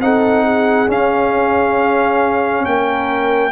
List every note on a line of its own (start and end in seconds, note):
0.00 0.88 C4
0.00 0.87 D#4
0.00 0.44 A4
0.00 0.89 F#5
0.44 2.65 G#4
0.87 3.52 C#4
0.87 2.65 C#4
0.87 2.65 F5
2.65 3.52 A#3
2.65 3.52 A#4
2.65 3.52 G5